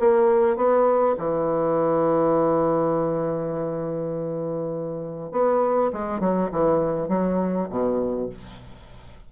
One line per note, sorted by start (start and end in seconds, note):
0.00 0.57 A#3
0.57 1.16 B3
1.19 5.32 E3
5.32 5.92 B3
5.93 6.20 G#3
6.20 6.50 F#3
6.52 7.09 E3
7.09 7.68 F#3
7.70 8.30 B2